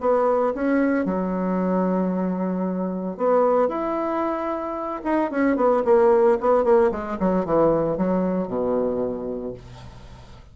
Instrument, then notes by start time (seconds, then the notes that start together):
bassoon
0.00 B3
0.54 C#4
1.05 F#3
3.17 B3
3.68 E4
5.04 D#4
5.30 C#4
5.56 B3
5.85 A#3
6.40 B3
6.64 A#3
6.91 G#3
7.19 F#3
7.45 E3
7.97 F#3
8.47 B2